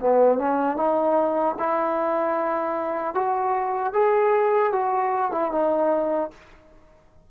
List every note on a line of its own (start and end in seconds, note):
0.00 0.38 B3
0.38 0.76 C#4
0.76 1.55 D#4
1.59 3.14 E4
3.14 3.93 F#4
3.93 4.72 G#4
4.72 5.31 F#4
5.31 5.51 E4
5.51 6.30 D#4